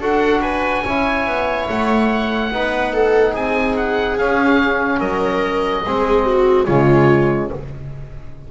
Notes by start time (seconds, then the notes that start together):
0.00 D4 F#4 A4 F#5
0.41 B4 G#5
0.84 C#4 E4 C#5
1.26 B3
1.69 A3 F#5
2.51 B3 D#4 B4
2.93 A4
3.31 C4 G#4 G#5
3.76 F#5
4.17 C#4 F5
4.99 F#3 A#4 D#5
5.85 G#3 C4 G#4
6.25 F#4
6.64 C#3 G#3 F4 C#5